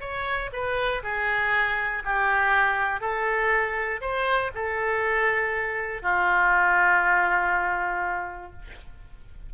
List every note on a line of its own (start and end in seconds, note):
0.00 0.50 C#5
0.53 1.02 B4
1.03 2.03 G#4
2.05 3.01 G4
3.01 4.01 A4
4.01 4.51 C5
4.54 6.02 A4
6.02 8.52 F4